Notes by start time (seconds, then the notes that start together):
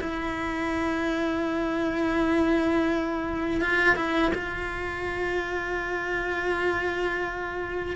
0.00 E4
3.61 F4
3.96 E4
4.34 F4